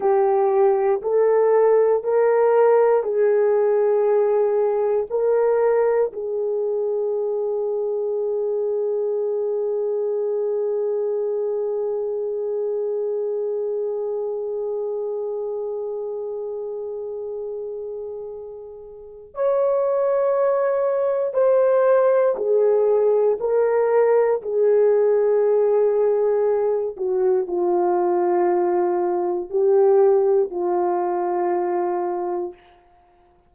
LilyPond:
\new Staff \with { instrumentName = "horn" } { \time 4/4 \tempo 4 = 59 g'4 a'4 ais'4 gis'4~ | gis'4 ais'4 gis'2~ | gis'1~ | gis'1~ |
gis'2. cis''4~ | cis''4 c''4 gis'4 ais'4 | gis'2~ gis'8 fis'8 f'4~ | f'4 g'4 f'2 | }